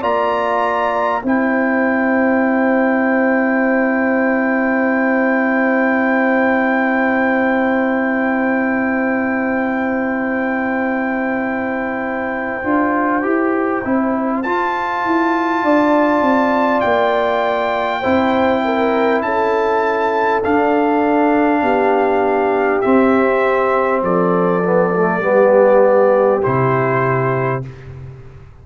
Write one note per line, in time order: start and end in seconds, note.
0.00 1.22 A#3
0.00 1.21 F4
0.00 1.20 D5
0.00 1.23 A#5
1.22 12.63 C4
1.22 12.62 E4
1.22 15.62 C5
1.22 14.42 G5
12.63 13.23 D4
12.63 13.22 F4
13.22 13.83 E4
13.22 13.82 G4
13.84 14.45 C4
13.84 14.44 E4
14.42 15.04 F4
14.42 18.03 F4
14.42 16.80 A5
15.04 15.63 E4
15.63 16.21 D4
15.63 18.00 D5
16.21 16.81 C4
16.80 18.04 A#3
16.80 19.20 G5
18.00 19.21 C4
18.00 20.43 E4
18.00 18.60 C5
18.64 19.24 A#4
19.21 20.41 C#4
19.21 21.62 A4
19.21 20.41 A5
20.43 21.62 D4
20.43 22.83 D4
20.43 22.81 F5
21.62 22.82 B3
21.62 24.02 G4
22.81 24.63 C4
22.81 24.02 C4
22.81 24.01 E5
24.02 25.19 F3
24.02 25.23 A4
24.02 26.43 D5
24.64 24.94 B3
24.95 25.21 A3
25.19 26.39 G3
25.19 26.41 B3
25.19 27.64 G4
26.42 27.66 C3
26.42 27.62 E4
26.42 27.63 C5